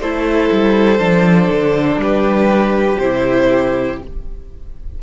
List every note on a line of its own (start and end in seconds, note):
0.00 0.50 A3
0.00 0.99 E4
0.00 2.02 A4
0.00 2.00 C5
0.52 0.99 G3
0.99 1.49 F3
0.99 2.99 D4
1.50 1.97 D3
1.97 2.97 G3
1.97 4.03 G4
1.97 2.99 B4
2.99 4.00 C3
2.99 4.03 E4
2.99 3.99 C5